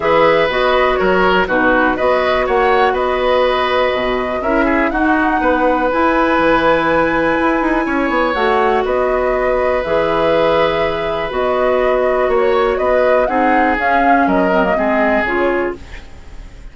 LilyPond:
<<
  \new Staff \with { instrumentName = "flute" } { \time 4/4 \tempo 4 = 122 e''4 dis''4 cis''4 b'4 | dis''4 fis''4 dis''2~ | dis''4 e''4 fis''2 | gis''1~ |
gis''4 fis''4 dis''2 | e''2. dis''4~ | dis''4 cis''4 dis''4 fis''4 | f''4 dis''2 cis''4 | }
  \new Staff \with { instrumentName = "oboe" } { \time 4/4 b'2 ais'4 fis'4 | b'4 cis''4 b'2~ | b'4 ais'8 gis'8 fis'4 b'4~ | b'1 |
cis''2 b'2~ | b'1~ | b'4 cis''4 b'4 gis'4~ | gis'4 ais'4 gis'2 | }
  \new Staff \with { instrumentName = "clarinet" } { \time 4/4 gis'4 fis'2 dis'4 | fis'1~ | fis'4 e'4 dis'2 | e'1~ |
e'4 fis'2. | gis'2. fis'4~ | fis'2. dis'4 | cis'4. c'16 ais16 c'4 f'4 | }
  \new Staff \with { instrumentName = "bassoon" } { \time 4/4 e4 b4 fis4 b,4 | b4 ais4 b2 | b,4 cis'4 dis'4 b4 | e'4 e2 e'8 dis'8 |
cis'8 b8 a4 b2 | e2. b4~ | b4 ais4 b4 c'4 | cis'4 fis4 gis4 cis4 | }
>>